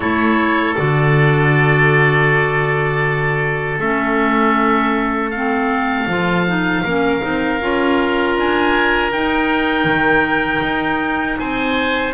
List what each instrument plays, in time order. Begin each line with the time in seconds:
0.00 double bass A3, clarinet E4, oboe A4 C#5
0.74 double bass D3, clarinet F#4, oboe D5
3.78 double bass A3, clarinet C#4, oboe E5
5.30 clarinet C4, oboe F5
6.07 double bass F3, clarinet F4
6.46 clarinet D#4
6.83 double bass A#3, clarinet C#4, oboe A#4
7.20 double bass C4, clarinet D#4
7.61 double bass C#4, clarinet F4
8.36 double bass D4, oboe G#5
9.12 clarinet D#4, double bass D#4, oboe G5
9.84 double bass D#3
10.62 double bass D#4
11.39 double bass C4, oboe C5 G#5